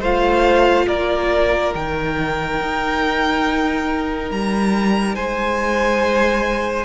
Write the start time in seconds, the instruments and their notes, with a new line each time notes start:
0.00 cello A3, viola F4, violin C5 F5
0.87 cello A#3, violin A#4 D5
1.74 cello D#3, viola D#4, violin G5
2.61 cello D#4
4.31 cello G3, violin A#5
5.15 cello G#3, violin C5 G#5